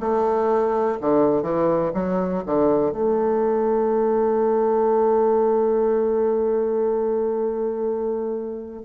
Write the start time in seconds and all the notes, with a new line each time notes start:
0.00 A3
1.01 D3
1.42 E3
1.94 F#3
2.46 D3
2.92 A3